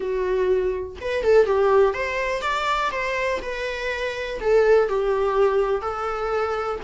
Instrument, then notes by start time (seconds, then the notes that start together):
viola
0.00 F#4
1.00 B4
1.23 A4
1.46 G4
1.93 C5
2.41 D5
2.91 C5
3.42 B4
4.40 A4
4.88 G4
5.81 A4